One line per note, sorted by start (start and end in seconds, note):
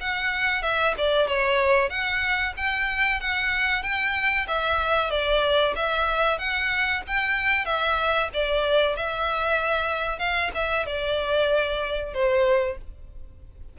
0.00 0.62 F#5
0.62 0.94 E5
0.97 1.27 D5
1.27 1.89 C#5
1.89 2.53 F#5
2.56 3.20 G5
3.20 3.82 F#5
3.82 4.46 G5
4.47 5.10 E5
5.10 5.74 D5
5.75 6.38 E5
6.38 7.02 F#5
7.07 7.65 G5
7.65 8.29 E5
8.33 8.96 D5
8.96 10.18 E5
10.18 10.50 F5
10.54 10.85 E5
10.85 12.13 D5
12.13 12.77 C5